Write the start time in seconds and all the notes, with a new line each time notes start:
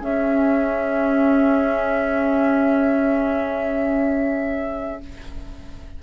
0.00 C#4 G#4 E5